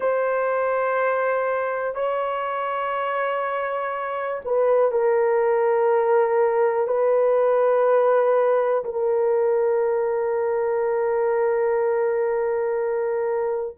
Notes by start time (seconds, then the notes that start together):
0.00 C5
1.94 C#5
4.44 B4
4.91 A#4
6.87 B4
8.84 A#4